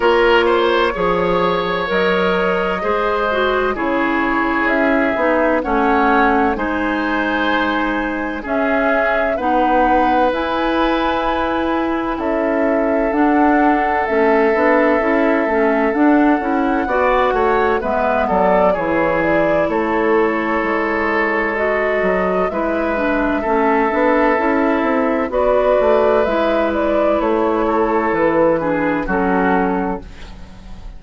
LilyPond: <<
  \new Staff \with { instrumentName = "flute" } { \time 4/4 \tempo 4 = 64 cis''2 dis''2 | cis''4 e''4 fis''4 gis''4~ | gis''4 e''4 fis''4 gis''4~ | gis''4 e''4 fis''4 e''4~ |
e''4 fis''2 e''8 d''8 | cis''8 d''8 cis''2 dis''4 | e''2. d''4 | e''8 d''8 cis''4 b'4 a'4 | }
  \new Staff \with { instrumentName = "oboe" } { \time 4/4 ais'8 c''8 cis''2 c''4 | gis'2 cis''4 c''4~ | c''4 gis'4 b'2~ | b'4 a'2.~ |
a'2 d''8 cis''8 b'8 a'8 | gis'4 a'2. | b'4 a'2 b'4~ | b'4. a'4 gis'8 fis'4 | }
  \new Staff \with { instrumentName = "clarinet" } { \time 4/4 f'4 gis'4 ais'4 gis'8 fis'8 | e'4. dis'8 cis'4 dis'4~ | dis'4 cis'4 dis'4 e'4~ | e'2 d'4 cis'8 d'8 |
e'8 cis'8 d'8 e'8 fis'4 b4 | e'2. fis'4 | e'8 d'8 cis'8 d'8 e'4 fis'4 | e'2~ e'8 d'8 cis'4 | }
  \new Staff \with { instrumentName = "bassoon" } { \time 4/4 ais4 f4 fis4 gis4 | cis4 cis'8 b8 a4 gis4~ | gis4 cis'4 b4 e'4~ | e'4 cis'4 d'4 a8 b8 |
cis'8 a8 d'8 cis'8 b8 a8 gis8 fis8 | e4 a4 gis4. fis8 | gis4 a8 b8 cis'8 c'8 b8 a8 | gis4 a4 e4 fis4 | }
>>